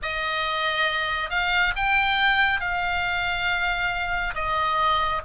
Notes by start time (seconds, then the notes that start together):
0.02 D#5
1.30 F5
1.75 G5
2.60 F5
4.34 D#5